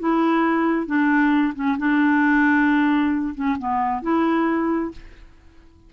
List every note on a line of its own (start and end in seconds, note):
0.00 0.87 E4
0.87 1.54 D4
1.55 1.77 C#4
1.78 3.35 D4
3.35 3.58 C#4
3.59 4.03 B3
4.03 4.92 E4